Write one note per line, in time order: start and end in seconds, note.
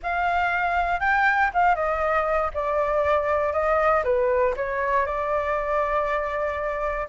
0.03 1.00 F5
1.00 1.50 G5
1.53 1.75 F5
1.75 2.50 D#5
2.53 3.52 D5
3.52 4.03 D#5
4.04 4.54 B4
4.56 5.06 C#5
5.06 7.07 D5